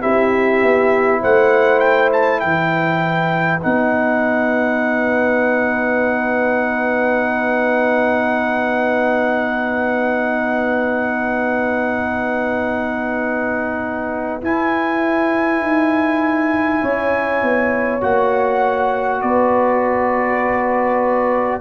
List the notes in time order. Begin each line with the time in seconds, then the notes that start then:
0.00 C4 E4 G4 E5
0.63 B3
1.21 A3 C5 F#5
1.80 G5
2.13 A5
2.40 E3 B4 G5
3.62 B3 D#4 F#5
14.42 E4 G#5
15.61 D#4
16.82 C#4 C#5
17.42 B3
18.01 A#3 F#4 F#5
19.21 B3 B4 D5